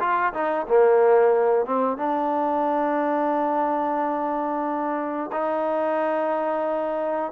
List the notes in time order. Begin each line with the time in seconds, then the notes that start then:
0.00 F4
0.34 D#4
0.68 A#3
1.66 C4
1.98 D4
5.32 D#4